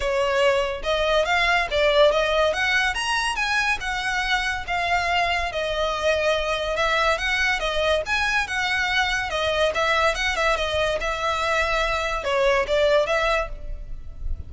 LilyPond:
\new Staff \with { instrumentName = "violin" } { \time 4/4 \tempo 4 = 142 cis''2 dis''4 f''4 | d''4 dis''4 fis''4 ais''4 | gis''4 fis''2 f''4~ | f''4 dis''2. |
e''4 fis''4 dis''4 gis''4 | fis''2 dis''4 e''4 | fis''8 e''8 dis''4 e''2~ | e''4 cis''4 d''4 e''4 | }